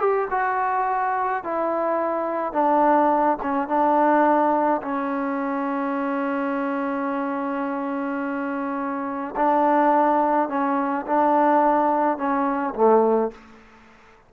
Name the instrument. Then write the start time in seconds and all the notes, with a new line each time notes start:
trombone
0.00 G4
0.31 F#4
1.44 E4
2.53 D4
3.43 C#4
3.69 D4
4.83 C#4
9.36 D4
10.49 C#4
11.07 D4
12.18 C#4
12.75 A3